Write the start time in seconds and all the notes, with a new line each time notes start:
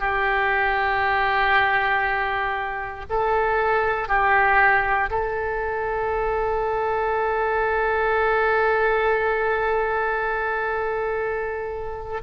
0.00 G4
3.10 A4
4.09 G4
5.11 A4